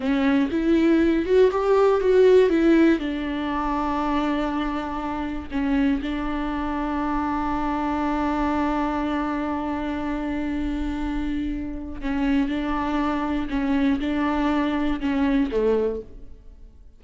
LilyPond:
\new Staff \with { instrumentName = "viola" } { \time 4/4 \tempo 4 = 120 cis'4 e'4. fis'8 g'4 | fis'4 e'4 d'2~ | d'2. cis'4 | d'1~ |
d'1~ | d'1 | cis'4 d'2 cis'4 | d'2 cis'4 a4 | }